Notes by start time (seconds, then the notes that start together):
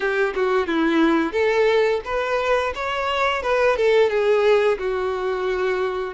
0.00 G4
0.35 F#4
0.66 E4
1.32 A4
2.05 B4
2.75 C#5
3.42 B4
3.76 A4
4.09 G#4
4.78 F#4